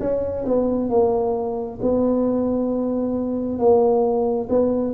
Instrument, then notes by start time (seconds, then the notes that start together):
tuba
0.00 C#4
0.45 B3
0.90 A#3
1.81 B3
3.59 A#3
4.49 B3